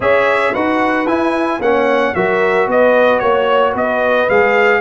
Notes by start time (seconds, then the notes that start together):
0.00 C#4 G#4 C#5 E5
0.52 D#4 F#4 B4 F#5
1.06 E4 G#5
1.59 A#3 C#4 C#5 F#5
2.14 F#3 F#4 A#4 E5
2.67 B3 B4 D#5
3.19 A#3 C#5
3.72 B3 B4 D#5
4.29 G#3 G#4 F5